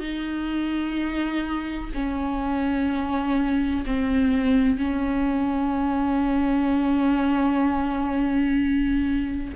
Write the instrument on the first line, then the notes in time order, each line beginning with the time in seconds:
viola
0.00 D#4
1.94 C#4
3.86 C4
4.78 C#4